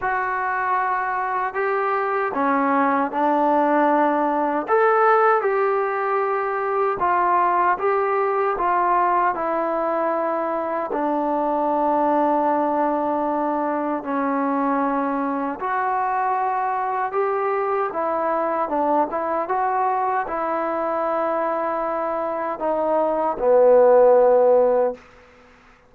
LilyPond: \new Staff \with { instrumentName = "trombone" } { \time 4/4 \tempo 4 = 77 fis'2 g'4 cis'4 | d'2 a'4 g'4~ | g'4 f'4 g'4 f'4 | e'2 d'2~ |
d'2 cis'2 | fis'2 g'4 e'4 | d'8 e'8 fis'4 e'2~ | e'4 dis'4 b2 | }